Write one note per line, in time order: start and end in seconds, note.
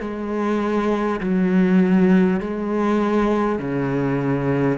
0.00 1.20 G#3
1.21 2.40 F#3
2.40 3.59 G#3
3.59 4.78 C#3